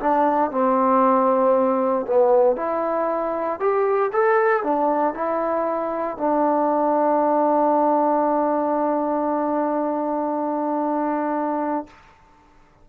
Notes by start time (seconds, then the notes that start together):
0.00 D4
0.51 C4
2.06 B3
2.56 E4
3.60 G4
4.13 A4
4.64 D4
5.14 E4
6.18 D4